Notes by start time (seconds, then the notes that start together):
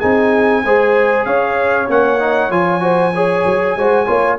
0.00 C4 D#4 G#4 G#5
0.65 G#3 G#4 C5
1.26 C#4 C#5 F5
1.88 A#3 C#4 F#5
2.20 D#4
2.50 F3 F4 G#5
2.81 F#4 C5
3.15 G#4 C#5
3.46 F#3
3.77 G#3 F#4 C5
4.07 A#3 F4 C#5